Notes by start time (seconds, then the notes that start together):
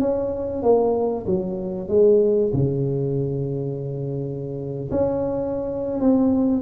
0.00 C#4
0.63 A#3
1.26 F#3
1.88 G#3
2.53 C#3
4.91 C#4
6.00 C4